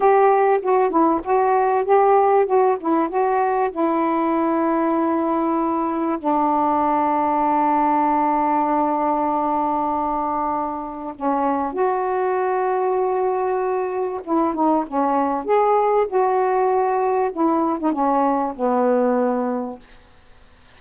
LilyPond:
\new Staff \with { instrumentName = "saxophone" } { \time 4/4 \tempo 4 = 97 g'4 fis'8 e'8 fis'4 g'4 | fis'8 e'8 fis'4 e'2~ | e'2 d'2~ | d'1~ |
d'2 cis'4 fis'4~ | fis'2. e'8 dis'8 | cis'4 gis'4 fis'2 | e'8. dis'16 cis'4 b2 | }